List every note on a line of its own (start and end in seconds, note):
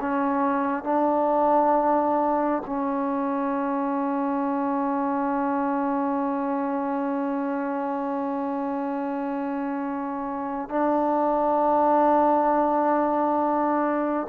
0.00 0.83 C#4
0.83 2.62 D4
2.66 10.69 C#4
10.69 14.27 D4